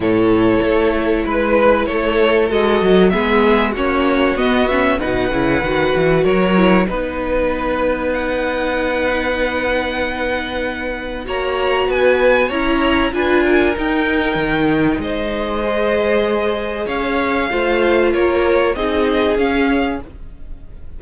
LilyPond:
<<
  \new Staff \with { instrumentName = "violin" } { \time 4/4 \tempo 4 = 96 cis''2 b'4 cis''4 | dis''4 e''4 cis''4 dis''8 e''8 | fis''2 cis''4 b'4~ | b'4 fis''2.~ |
fis''2 ais''4 gis''4 | ais''4 gis''4 g''2 | dis''2. f''4~ | f''4 cis''4 dis''4 f''4 | }
  \new Staff \with { instrumentName = "violin" } { \time 4/4 a'2 b'4 a'4~ | a'4 gis'4 fis'2 | b'2 ais'4 b'4~ | b'1~ |
b'2 cis''4 b'4 | cis''4 b'8 ais'2~ ais'8 | c''2. cis''4 | c''4 ais'4 gis'2 | }
  \new Staff \with { instrumentName = "viola" } { \time 4/4 e'1 | fis'4 b4 cis'4 b8 cis'8 | dis'8 e'8 fis'4. e'8 dis'4~ | dis'1~ |
dis'2 fis'2 | e'4 f'4 dis'2~ | dis'4 gis'2. | f'2 dis'4 cis'4 | }
  \new Staff \with { instrumentName = "cello" } { \time 4/4 a,4 a4 gis4 a4 | gis8 fis8 gis4 ais4 b4 | b,8 cis8 dis8 e8 fis4 b4~ | b1~ |
b2 ais4 b4 | cis'4 d'4 dis'4 dis4 | gis2. cis'4 | a4 ais4 c'4 cis'4 | }
>>